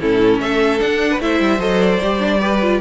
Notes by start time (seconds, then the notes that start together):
0.00 A2 C#4 E4 A4
0.40 A3 A4 E5
0.79 D4 F#5
1.11 B4
1.20 A3 E4 C5 E5
1.40 G3
1.58 F#3 A4 D#5
1.81 D5
2.02 G3 G4
2.20 D4
2.41 G4 B4
2.62 F4